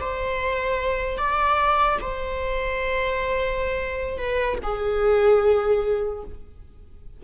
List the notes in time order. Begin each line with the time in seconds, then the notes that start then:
0.00 C5
1.18 D5
2.01 C5
4.18 B4
4.63 G#4